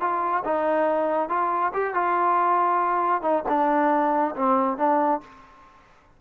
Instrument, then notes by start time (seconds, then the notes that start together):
trombone
0.00 F4
0.45 D#4
1.29 F4
1.73 G4
1.94 F4
3.22 D#4
3.48 D4
4.36 C4
4.77 D4